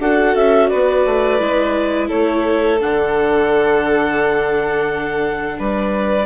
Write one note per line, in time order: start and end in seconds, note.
0.00 0.35 D4
0.00 1.40 F#4
0.00 0.70 A4
0.00 0.36 F#5
0.36 0.71 C#4
0.36 0.69 E5
0.69 1.06 B3
0.69 2.08 B4
0.69 2.08 D5
1.06 1.40 A3
1.40 2.10 G#3
1.40 2.79 E4
2.08 2.82 A3
2.08 5.57 A4
2.08 2.80 C#5
2.80 5.59 D3
2.80 6.26 D4
2.80 5.59 F#5
5.59 6.26 G3
5.59 6.26 B4
5.59 6.26 D5